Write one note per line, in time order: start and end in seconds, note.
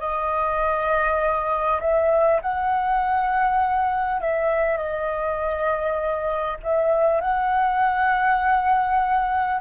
0.00 1.80 D#5
1.81 2.41 E5
2.42 4.21 F#5
4.21 4.77 E5
4.77 6.57 D#5
6.63 7.21 E5
7.21 9.61 F#5